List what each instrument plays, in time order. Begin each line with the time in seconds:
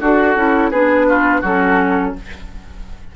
0.00 bassoon D4, oboe F#4, clarinet F#4, flute A4
0.35 bassoon C#4, clarinet E4
0.70 bassoon B3, clarinet D4, oboe G#4, flute B4
1.09 oboe F4
1.41 bassoon F#3, clarinet C#4, oboe F#4, flute A4